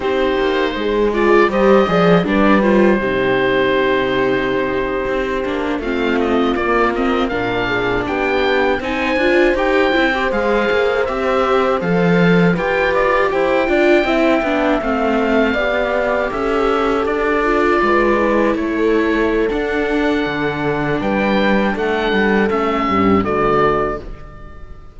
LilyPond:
<<
  \new Staff \with { instrumentName = "oboe" } { \time 4/4 \tempo 4 = 80 c''4. d''8 dis''4 d''8 c''8~ | c''2.~ c''8. f''16~ | f''16 dis''8 d''8 dis''8 f''4 g''4 gis''16~ | gis''8. g''4 f''4 e''4 f''16~ |
f''8. g''8 d''8 g''2 f''16~ | f''4.~ f''16 e''4 d''4~ d''16~ | d''8. cis''4~ cis''16 fis''2 | g''4 fis''4 e''4 d''4 | }
  \new Staff \with { instrumentName = "horn" } { \time 4/4 g'4 gis'4 c''8 d''8 b'4 | g'2.~ g'8. f'16~ | f'4.~ f'16 ais'8 gis'8 g'4 c''16~ | c''1~ |
c''8. b'4 c''8 d''8 e''4~ e''16~ | e''8. d''4 a'2 b'16~ | b'8. a'2.~ a'16 | b'4 a'4. g'8 fis'4 | }
  \new Staff \with { instrumentName = "viola" } { \time 4/4 dis'4. f'8 g'8 gis'8 d'8 f'8 | dis'2.~ dis'16 d'8 c'16~ | c'8. ais8 c'8 d'2 dis'16~ | dis'16 f'8 g'8 e'16 g'16 gis'4 g'4 a'16~ |
a'8. g'4. f'8 e'8 d'8 c'16~ | c'8. g'2~ g'8 f'8.~ | f'16 e'4.~ e'16 d'2~ | d'2 cis'4 a4 | }
  \new Staff \with { instrumentName = "cello" } { \time 4/4 c'8 ais8 gis4 g8 f8 g4 | c2~ c8. c'8 ais8 a16~ | a8. ais4 ais,4 b4 c'16~ | c'16 d'8 dis'8 c'8 gis8 ais8 c'4 f16~ |
f8. f'4 e'8 d'8 c'8 b8 a16~ | a8. b4 cis'4 d'4 gis16~ | gis8. a4~ a16 d'4 d4 | g4 a8 g8 a8 g,8 d4 | }
>>